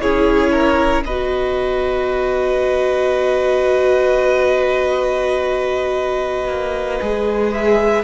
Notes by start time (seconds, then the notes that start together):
0.00 C#4 E4 G#4 C#5
0.52 A#4
1.05 B3 F#4 B4 D#5
6.47 A#3
7.00 G#3 G#4
7.53 E5